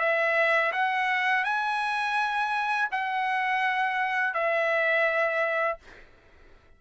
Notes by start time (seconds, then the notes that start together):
0.00 E5
0.72 F#5
1.45 G#5
2.92 F#5
4.34 E5